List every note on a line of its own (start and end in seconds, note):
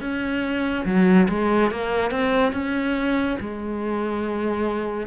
0.00 0.85 C#4
0.85 1.28 F#3
1.28 1.71 G#3
1.71 2.10 A#3
2.10 2.52 C4
2.52 3.37 C#4
3.40 5.07 G#3